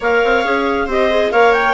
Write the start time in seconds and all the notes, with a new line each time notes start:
0.00 A#3 A#4 C#5 F5
0.23 C4
0.44 C#4 G#4
0.86 C4 G4 C5 D#5
1.10 G#4
1.31 A#3 A#4 C#5 F5
1.53 G5